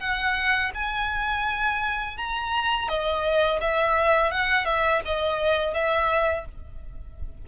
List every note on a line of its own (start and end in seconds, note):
0.00 0.71 F#5
0.75 2.18 G#5
2.18 2.89 A#5
2.89 3.60 D#5
3.61 4.31 E5
4.31 4.65 F#5
4.65 5.01 E5
5.05 5.74 D#5
5.74 6.46 E5